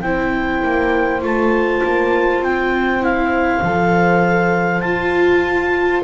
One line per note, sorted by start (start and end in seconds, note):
0.00 0.63 C4
0.00 1.22 E4
0.00 6.02 C5
0.00 1.20 G5
0.63 1.22 A#3
1.22 1.81 A3
1.22 3.01 F4
1.22 2.43 A5
1.83 2.40 A#3
2.40 3.60 C4
2.40 3.03 G5
3.01 3.61 E4
3.01 4.80 F5
3.62 4.82 F3
3.62 4.84 A4
4.80 6.02 F4
4.80 6.04 F4
4.80 6.00 A5